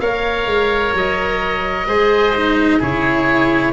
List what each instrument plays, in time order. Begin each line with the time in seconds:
0.00 tuba A#3, cello A#4, oboe C#5 F5
0.46 tuba G#3
0.94 tuba F#3, oboe D#5
1.86 tuba G#3, cello G#4, oboe C5
2.36 cello D#4
2.79 tuba C#3, cello E4, oboe G#4 C#5